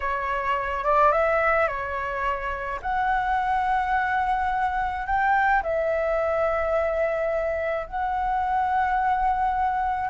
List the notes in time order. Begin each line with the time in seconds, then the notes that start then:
0.00 C#5
0.84 D5
1.12 E5
1.67 C#5
2.82 F#5
5.06 G5
5.62 E5
7.86 F#5